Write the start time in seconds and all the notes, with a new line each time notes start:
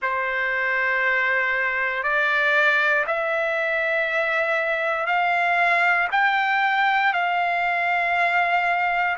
0.01 C5
2.03 D5
3.06 E5
5.06 F5
6.11 G5
7.13 F5